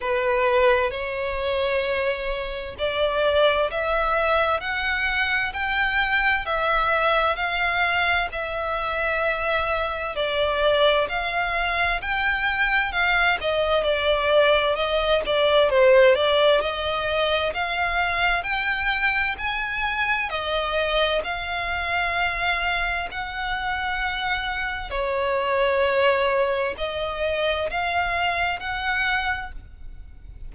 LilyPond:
\new Staff \with { instrumentName = "violin" } { \time 4/4 \tempo 4 = 65 b'4 cis''2 d''4 | e''4 fis''4 g''4 e''4 | f''4 e''2 d''4 | f''4 g''4 f''8 dis''8 d''4 |
dis''8 d''8 c''8 d''8 dis''4 f''4 | g''4 gis''4 dis''4 f''4~ | f''4 fis''2 cis''4~ | cis''4 dis''4 f''4 fis''4 | }